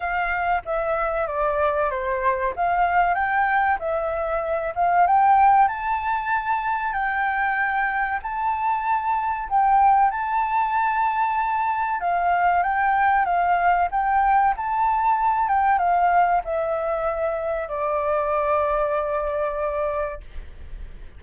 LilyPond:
\new Staff \with { instrumentName = "flute" } { \time 4/4 \tempo 4 = 95 f''4 e''4 d''4 c''4 | f''4 g''4 e''4. f''8 | g''4 a''2 g''4~ | g''4 a''2 g''4 |
a''2. f''4 | g''4 f''4 g''4 a''4~ | a''8 g''8 f''4 e''2 | d''1 | }